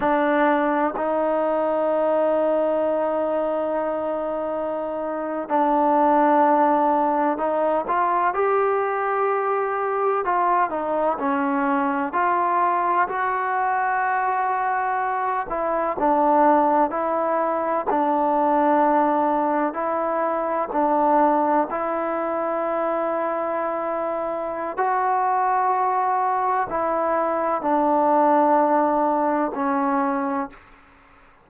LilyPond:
\new Staff \with { instrumentName = "trombone" } { \time 4/4 \tempo 4 = 63 d'4 dis'2.~ | dis'4.~ dis'16 d'2 dis'16~ | dis'16 f'8 g'2 f'8 dis'8 cis'16~ | cis'8. f'4 fis'2~ fis'16~ |
fis'16 e'8 d'4 e'4 d'4~ d'16~ | d'8. e'4 d'4 e'4~ e'16~ | e'2 fis'2 | e'4 d'2 cis'4 | }